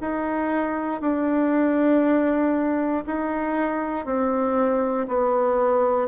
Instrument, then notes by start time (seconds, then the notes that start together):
bassoon
0.00 D#4
1.00 D4
3.06 D#4
4.05 C4
5.07 B3